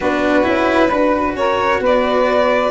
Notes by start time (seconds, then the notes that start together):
0.00 B3 D4 F#4 B4
0.43 C#4 E4
0.87 D4 F#4 B4
1.34 C#4 A#4 C#5
1.80 B3 B4 D5